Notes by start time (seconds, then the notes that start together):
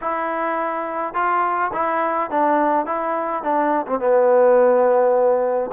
0.01 E4
1.14 F4
1.73 E4
2.30 D4
2.86 E4
3.43 D4
3.86 C4
3.99 B3